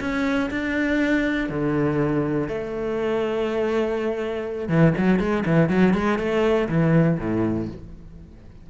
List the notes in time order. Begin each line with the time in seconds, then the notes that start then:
0.00 C#4
0.50 D4
1.49 D3
2.48 A3
4.68 E3
4.97 F#3
5.19 G#3
5.46 E3
5.69 F#3
5.93 G#3
6.18 A3
6.68 E3
7.18 A2